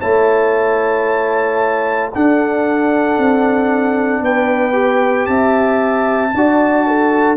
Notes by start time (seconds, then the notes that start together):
0.00 A3 E4 C#5 A5
2.14 D4 A4 F#5
3.18 C4
4.21 B3 B4 G5
4.73 G4
5.26 C4 E5 A5
6.34 D4 F#4 D5
6.87 A4